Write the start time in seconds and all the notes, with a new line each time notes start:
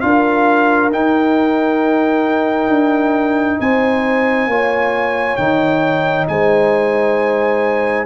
0.00 D4 F4 A#4 F5
0.91 D#4 G5
2.68 D4
3.60 C4 C5 G#5
4.46 A#3 F4 C#5
5.36 D#3 D#4 G5
6.27 G#3 C5 G#5